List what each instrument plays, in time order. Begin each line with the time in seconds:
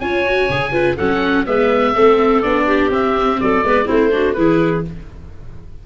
0.00 tuba C#4, viola F4, clarinet C#5, oboe G#5
0.25 viola F#4
0.49 tuba C#3, viola G#4
0.72 viola F4, clarinet B4
0.97 tuba F#3, viola C#4, clarinet A4, oboe F#5
1.46 tuba G#3, viola B3, clarinet B4, oboe E5
1.93 tuba A3, viola C4, clarinet A4
2.42 tuba B3, viola D4, oboe D5
2.66 clarinet G4
2.90 tuba C4, viola C4, oboe E5
3.41 tuba F#3, clarinet A4, oboe D5
3.63 tuba G#3, viola B3, clarinet B4
3.85 tuba A3, viola C4, clarinet E4, oboe C5
4.11 viola D4, clarinet F#4
4.33 tuba E3, viola E4, clarinet G#4, oboe B4